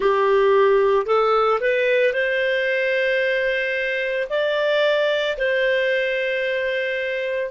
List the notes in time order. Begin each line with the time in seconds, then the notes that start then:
0.00 G4
1.06 A4
1.60 B4
2.13 C5
4.29 D5
5.37 C5